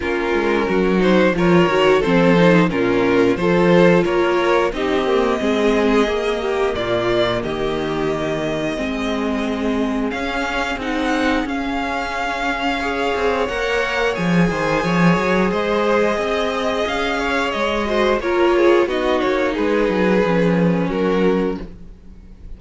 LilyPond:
<<
  \new Staff \with { instrumentName = "violin" } { \time 4/4 \tempo 4 = 89 ais'4. c''8 cis''4 c''4 | ais'4 c''4 cis''4 dis''4~ | dis''2 d''4 dis''4~ | dis''2. f''4 |
fis''4 f''2. | fis''4 gis''2 dis''4~ | dis''4 f''4 dis''4 cis''4 | dis''8 cis''8 b'2 ais'4 | }
  \new Staff \with { instrumentName = "violin" } { \time 4/4 f'4 fis'4 ais'4 a'4 | f'4 a'4 ais'4 g'4 | gis'4. g'8 f'4 g'4~ | g'4 gis'2.~ |
gis'2. cis''4~ | cis''4. c''8 cis''4 c''4 | dis''4. cis''4 c''8 ais'8 gis'8 | fis'4 gis'2 fis'4 | }
  \new Staff \with { instrumentName = "viola" } { \time 4/4 cis'4. dis'8 f'8 fis'8 c'8 dis'8 | cis'4 f'2 dis'8 ais8 | c'4 ais2.~ | ais4 c'2 cis'4 |
dis'4 cis'2 gis'4 | ais'4 gis'2.~ | gis'2~ gis'8 fis'8 f'4 | dis'2 cis'2 | }
  \new Staff \with { instrumentName = "cello" } { \time 4/4 ais8 gis8 fis4 f8 dis8 f4 | ais,4 f4 ais4 c'4 | gis4 ais4 ais,4 dis4~ | dis4 gis2 cis'4 |
c'4 cis'2~ cis'8 c'8 | ais4 f8 dis8 f8 fis8 gis4 | c'4 cis'4 gis4 ais4 | b8 ais8 gis8 fis8 f4 fis4 | }
>>